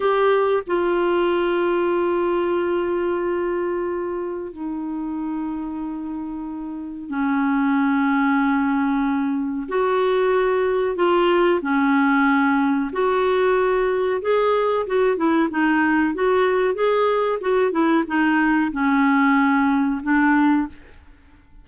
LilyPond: \new Staff \with { instrumentName = "clarinet" } { \time 4/4 \tempo 4 = 93 g'4 f'2.~ | f'2. dis'4~ | dis'2. cis'4~ | cis'2. fis'4~ |
fis'4 f'4 cis'2 | fis'2 gis'4 fis'8 e'8 | dis'4 fis'4 gis'4 fis'8 e'8 | dis'4 cis'2 d'4 | }